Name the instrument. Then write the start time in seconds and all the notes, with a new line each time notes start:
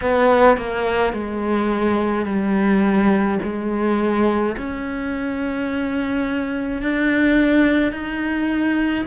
cello
0.01 B3
0.57 A#3
1.13 G#3
2.25 G3
3.43 G#3
4.56 C#4
6.82 D4
7.91 D#4